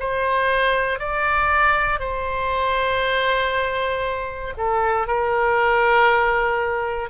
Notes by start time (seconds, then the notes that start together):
0.00 C5
0.99 D5
2.00 C5
4.58 A4
5.07 A#4